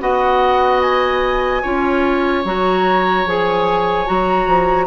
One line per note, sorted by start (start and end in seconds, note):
0.00 1.63 B3
0.00 1.62 F#4
0.00 1.62 D#5
0.00 0.81 F#5
0.82 2.44 G#5
1.62 2.45 C#4
1.62 2.45 F4
1.62 4.87 C#5
2.45 3.26 F#3
2.45 3.26 F#4
2.45 3.28 A#5
3.26 4.07 F3
3.26 4.06 G#4
3.26 4.07 G#5
4.06 4.47 F#3
4.06 4.87 F#4
4.06 4.87 A#5
4.47 4.87 F3